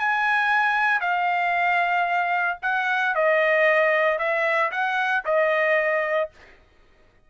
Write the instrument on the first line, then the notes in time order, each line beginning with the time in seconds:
trumpet
0.00 G#5
1.01 F5
2.63 F#5
3.15 D#5
4.19 E5
4.72 F#5
5.25 D#5